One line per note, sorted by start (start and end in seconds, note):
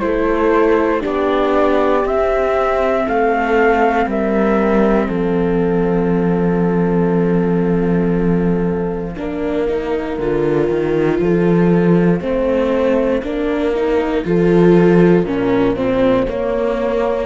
0.00 1.03 A3
0.00 1.01 E4
0.00 1.01 A4
0.00 1.02 C5
1.01 2.05 B3
1.01 2.03 D4
1.01 3.04 G4
1.01 2.07 D5
2.03 9.15 C4
2.03 3.07 C4
2.03 3.07 E5
3.04 4.06 A3
3.04 4.06 A4
3.04 4.09 F5
4.06 5.08 G3
4.06 5.07 A#4
4.06 5.09 E5
5.07 9.16 F3
5.07 9.14 A4
5.07 17.26 F5
9.17 10.18 A#3
9.17 9.68 D4
9.17 11.21 A#4
9.68 10.19 D#4
10.18 10.69 D3
10.18 12.21 F4
10.70 11.19 D#3
11.19 12.20 F3
11.19 12.20 A4
12.20 13.22 A3
12.20 13.22 C4
12.20 13.22 C5
13.22 14.24 A#3
13.22 13.74 D4
13.22 14.26 A#4
13.75 14.25 D#4
14.25 15.24 F3
14.25 15.26 F4
14.25 15.26 A4
15.24 16.26 A#2
15.24 15.76 C#4
15.24 15.76 A#4
15.76 16.27 C4
15.76 16.27 C5
16.27 17.26 A#3
16.27 17.26 C#5